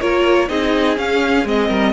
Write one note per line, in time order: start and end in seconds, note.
0.00 0.50 A#3
0.00 0.49 F4
0.00 0.49 A#4
0.00 0.49 C#5
0.49 0.98 C4
0.49 0.97 D#4
0.49 1.68 G#4
0.49 0.98 D#5
0.97 1.46 C#4
0.97 1.45 C#4
0.97 1.47 F5
1.45 1.69 G#3
1.45 1.94 C4
1.45 1.94 D#5
1.68 1.94 G3
1.68 1.93 A#4